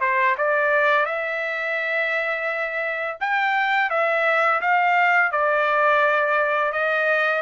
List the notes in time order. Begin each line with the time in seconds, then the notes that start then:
0.00 C5
0.37 D5
1.06 E5
3.20 G5
3.90 E5
4.61 F5
5.32 D5
6.72 D#5